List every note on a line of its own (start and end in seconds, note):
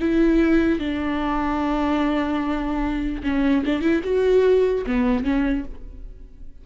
0.00 0.79 E4
0.79 3.22 D4
3.23 3.64 C#4
3.65 3.81 D4
3.81 4.01 E4
4.04 4.85 F#4
4.86 5.24 B3
5.24 5.64 C#4